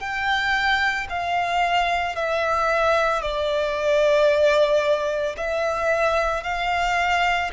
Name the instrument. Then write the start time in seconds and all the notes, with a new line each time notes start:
violin
0.00 G5
1.10 F5
2.15 E5
3.21 D5
5.37 E5
6.43 F5